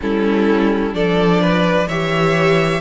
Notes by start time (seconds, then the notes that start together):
0.01 G3 C#4 E4 A4
0.93 F3 D4 A4 D5
1.41 B4
1.87 E3 G4 C#5 E5